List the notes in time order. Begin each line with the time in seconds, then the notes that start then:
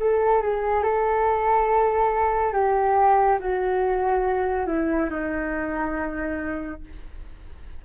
0.00 A4
0.42 G#4
0.84 A4
2.53 G4
3.40 F#4
4.67 E4
5.10 D#4